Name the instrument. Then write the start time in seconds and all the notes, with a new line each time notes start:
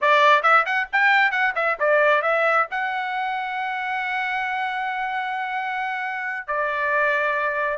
trumpet
0.01 D5
0.42 E5
0.65 F#5
0.92 G5
1.31 F#5
1.55 E5
1.79 D5
2.22 E5
2.70 F#5
6.47 D5